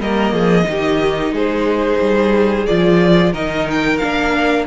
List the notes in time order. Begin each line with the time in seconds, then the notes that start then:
0.00 G3 A#3 A#4 D#5
0.32 F3 G#4
0.64 D#3 D#4
0.70 G4
1.31 G#3 G#4 C5
2.01 G3
2.66 F3 F4 D5
3.32 D#3 D#4 A#4 D#5
3.70 G5
3.98 A#3 D4 F5